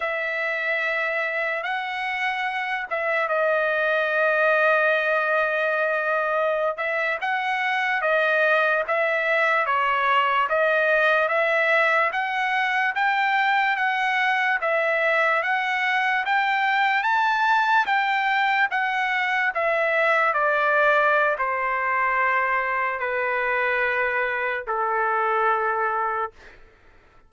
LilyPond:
\new Staff \with { instrumentName = "trumpet" } { \time 4/4 \tempo 4 = 73 e''2 fis''4. e''8 | dis''1~ | dis''16 e''8 fis''4 dis''4 e''4 cis''16~ | cis''8. dis''4 e''4 fis''4 g''16~ |
g''8. fis''4 e''4 fis''4 g''16~ | g''8. a''4 g''4 fis''4 e''16~ | e''8. d''4~ d''16 c''2 | b'2 a'2 | }